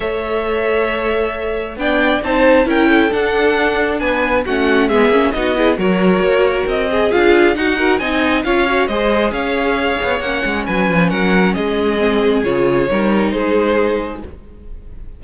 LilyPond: <<
  \new Staff \with { instrumentName = "violin" } { \time 4/4 \tempo 4 = 135 e''1 | g''4 a''4 g''4 fis''4~ | fis''4 gis''4 fis''4 e''4 | dis''4 cis''2 dis''4 |
f''4 fis''4 gis''4 f''4 | dis''4 f''2 fis''4 | gis''4 fis''4 dis''2 | cis''2 c''2 | }
  \new Staff \with { instrumentName = "violin" } { \time 4/4 cis''1 | d''4 c''4 ais'8 a'4.~ | a'4 b'4 fis'4 gis'4 | fis'8 gis'8 ais'2~ ais'8 gis'8~ |
gis'4 fis'8 ais'8 dis''4 cis''4 | c''4 cis''2. | b'4 ais'4 gis'2~ | gis'4 ais'4 gis'2 | }
  \new Staff \with { instrumentName = "viola" } { \time 4/4 a'1 | d'4 dis'4 e'4 d'4~ | d'2 cis'4 b8 cis'8 | dis'8 e'8 fis'2~ fis'8 gis'8 |
f'4 dis'8 fis'8 dis'4 f'8 fis'8 | gis'2. cis'4~ | cis'2. c'4 | f'4 dis'2. | }
  \new Staff \with { instrumentName = "cello" } { \time 4/4 a1 | b4 c'4 cis'4 d'4~ | d'4 b4 a4 gis8 ais8 | b4 fis4 ais4 c'4 |
d'4 dis'4 c'4 cis'4 | gis4 cis'4. b8 ais8 gis8 | fis8 f8 fis4 gis2 | cis4 g4 gis2 | }
>>